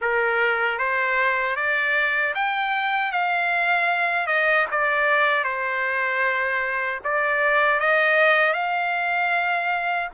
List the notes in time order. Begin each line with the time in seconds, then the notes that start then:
0.01 A#4
0.78 C5
1.55 D5
2.34 G5
3.12 F5
4.26 D#5
4.71 D5
5.44 C5
7.03 D5
7.80 D#5
8.53 F5